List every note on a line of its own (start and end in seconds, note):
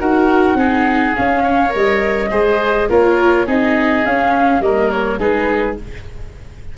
0.00 0.55 D#4
0.00 0.57 F#4
0.00 0.58 A#4
0.00 1.15 F#5
0.55 1.13 C4
0.55 1.15 D#4
0.55 1.44 G#4
1.16 1.69 C#4
1.16 1.75 C#4
1.16 1.73 F5
1.44 2.30 C#5
1.69 2.31 G3
1.69 2.27 A#4
1.69 2.90 D#5
2.31 2.89 G#3
2.31 2.89 G#4
2.31 2.89 C5
2.89 3.47 A#3
2.89 3.47 F4
2.89 3.47 A#4
2.89 3.48 C#5
3.47 4.05 C4
3.47 4.04 D#4
3.47 4.62 G#4
3.47 4.06 D#5
4.06 4.60 C#4
4.06 4.62 C#4
4.06 4.62 F5
4.60 5.18 G3
4.60 5.19 A#3
4.60 5.20 A#4
4.60 4.91 D#5
4.91 5.20 C#5
5.19 5.77 G#3
5.19 5.77 D#4
5.19 5.77 G#4
5.19 5.78 B4